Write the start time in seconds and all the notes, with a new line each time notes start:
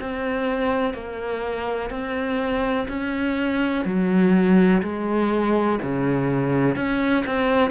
0.00 C4
0.93 A#3
1.90 C4
2.88 C#4
3.84 F#3
4.82 G#3
5.82 C#3
6.76 C#4
7.25 C4